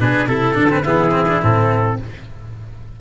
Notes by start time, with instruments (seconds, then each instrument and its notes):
0.00 tuba B2, cello D4, oboe G#4, trumpet B4
0.28 tuba C3, cello E4, trumpet A4, oboe A4
0.55 tuba D3, cello D4
0.70 cello C4, trumpet B4
0.83 tuba E3, cello B3, oboe E4, trumpet G#4
1.12 cello C4
1.29 cello D4
1.42 tuba A2, cello C4, trumpet A4